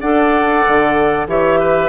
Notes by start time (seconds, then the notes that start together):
0.00 D4 A4 D5 F#5
0.67 D3
1.26 E3 G4 C#5 E5
1.59 B4